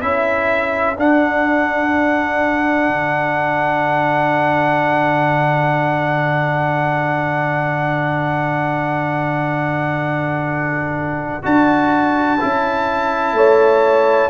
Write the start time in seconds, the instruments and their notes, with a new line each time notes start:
0.00 tuba C#4, trombone E4, horn A4, trumpet E5
0.97 tuba D4, trombone D4, trumpet F#5
2.88 tuba D3
11.43 tuba D4, trombone F#4, trumpet A5
12.40 tuba C#4, trombone E4
13.33 tuba A3, horn C#5